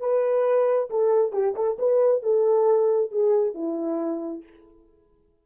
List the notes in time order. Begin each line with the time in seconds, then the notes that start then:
0.00 B4
0.90 A4
1.32 G4
1.55 A4
1.79 B4
2.22 A4
3.11 G#4
3.54 E4